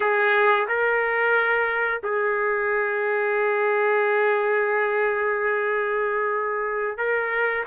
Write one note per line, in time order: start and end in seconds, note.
0.00 0.67 G#4
0.68 2.01 A#4
2.03 6.97 G#4
6.97 7.64 A#4